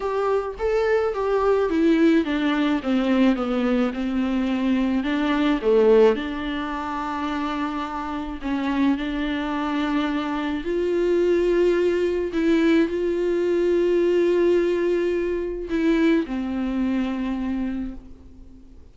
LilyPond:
\new Staff \with { instrumentName = "viola" } { \time 4/4 \tempo 4 = 107 g'4 a'4 g'4 e'4 | d'4 c'4 b4 c'4~ | c'4 d'4 a4 d'4~ | d'2. cis'4 |
d'2. f'4~ | f'2 e'4 f'4~ | f'1 | e'4 c'2. | }